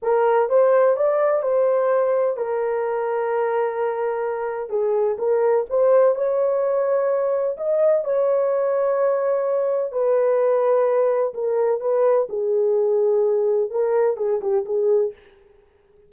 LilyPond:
\new Staff \with { instrumentName = "horn" } { \time 4/4 \tempo 4 = 127 ais'4 c''4 d''4 c''4~ | c''4 ais'2.~ | ais'2 gis'4 ais'4 | c''4 cis''2. |
dis''4 cis''2.~ | cis''4 b'2. | ais'4 b'4 gis'2~ | gis'4 ais'4 gis'8 g'8 gis'4 | }